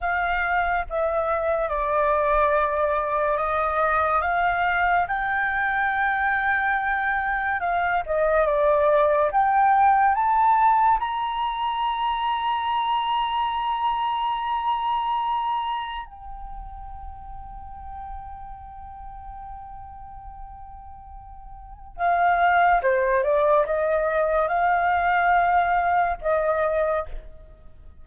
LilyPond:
\new Staff \with { instrumentName = "flute" } { \time 4/4 \tempo 4 = 71 f''4 e''4 d''2 | dis''4 f''4 g''2~ | g''4 f''8 dis''8 d''4 g''4 | a''4 ais''2.~ |
ais''2. g''4~ | g''1~ | g''2 f''4 c''8 d''8 | dis''4 f''2 dis''4 | }